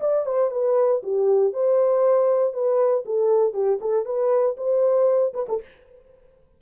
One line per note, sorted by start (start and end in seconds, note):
0.00 0.25 D5
0.25 0.50 C5
0.50 1.01 B4
1.03 1.53 G4
1.53 2.53 C5
2.53 3.04 B4
3.05 3.53 A4
3.53 3.79 G4
3.80 4.05 A4
4.05 4.56 B4
4.57 5.33 C5
5.33 5.46 B4
5.48 5.61 A4